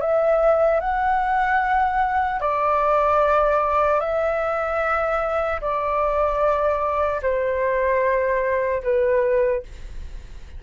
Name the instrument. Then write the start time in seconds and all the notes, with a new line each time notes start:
flute
0.00 E5
0.80 F#5
2.40 D5
4.00 E5
5.61 D5
7.22 C5
8.83 B4